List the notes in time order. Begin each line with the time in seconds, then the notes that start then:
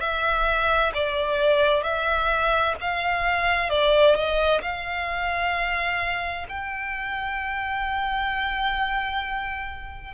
0.00 E5
0.94 D5
1.83 E5
2.81 F5
3.70 D5
4.15 D#5
4.62 F5
6.49 G5